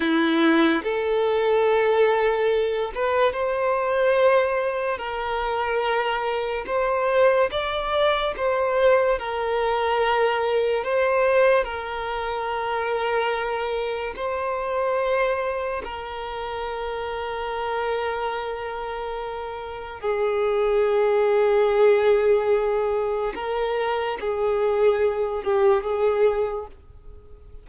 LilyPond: \new Staff \with { instrumentName = "violin" } { \time 4/4 \tempo 4 = 72 e'4 a'2~ a'8 b'8 | c''2 ais'2 | c''4 d''4 c''4 ais'4~ | ais'4 c''4 ais'2~ |
ais'4 c''2 ais'4~ | ais'1 | gis'1 | ais'4 gis'4. g'8 gis'4 | }